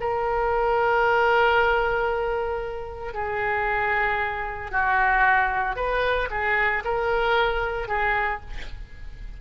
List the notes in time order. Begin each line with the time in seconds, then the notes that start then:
0.00 A#4
3.14 G#4
4.72 F#4
5.76 B4
6.31 G#4
6.85 A#4
7.89 G#4